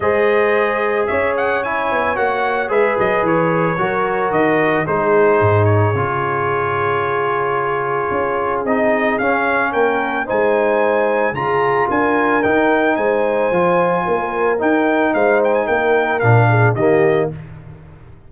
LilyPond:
<<
  \new Staff \with { instrumentName = "trumpet" } { \time 4/4 \tempo 4 = 111 dis''2 e''8 fis''8 gis''4 | fis''4 e''8 dis''8 cis''2 | dis''4 c''4. cis''4.~ | cis''1 |
dis''4 f''4 g''4 gis''4~ | gis''4 ais''4 gis''4 g''4 | gis''2. g''4 | f''8 g''16 gis''16 g''4 f''4 dis''4 | }
  \new Staff \with { instrumentName = "horn" } { \time 4/4 c''2 cis''2~ | cis''4 b'2 ais'4~ | ais'4 gis'2.~ | gis'1~ |
gis'2 ais'4 c''4~ | c''4 gis'4 ais'2 | c''2 ais'2 | c''4 ais'4. gis'8 g'4 | }
  \new Staff \with { instrumentName = "trombone" } { \time 4/4 gis'2. e'4 | fis'4 gis'2 fis'4~ | fis'4 dis'2 f'4~ | f'1 |
dis'4 cis'2 dis'4~ | dis'4 f'2 dis'4~ | dis'4 f'2 dis'4~ | dis'2 d'4 ais4 | }
  \new Staff \with { instrumentName = "tuba" } { \time 4/4 gis2 cis'4. b8 | ais4 gis8 fis8 e4 fis4 | dis4 gis4 gis,4 cis4~ | cis2. cis'4 |
c'4 cis'4 ais4 gis4~ | gis4 cis4 d'4 dis'4 | gis4 f4 ais4 dis'4 | gis4 ais4 ais,4 dis4 | }
>>